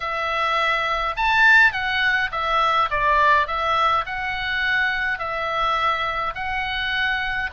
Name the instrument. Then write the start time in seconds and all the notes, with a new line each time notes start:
oboe
0.00 E5
1.16 A5
1.72 F#5
2.31 E5
2.90 D5
3.47 E5
4.06 F#5
5.18 E5
6.34 F#5